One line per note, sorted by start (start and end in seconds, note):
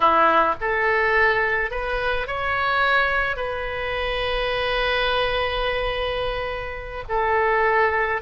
0.00 0.55 E4
0.60 1.71 A4
1.71 2.27 B4
2.27 3.36 C#5
3.36 7.04 B4
7.09 8.21 A4